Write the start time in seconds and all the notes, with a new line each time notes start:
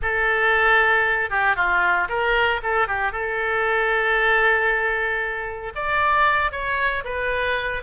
0.02 A4
1.29 G4
1.55 F4
2.08 A#4
2.62 A4
2.87 G4
3.12 A4
5.75 D5
6.51 C#5
7.04 B4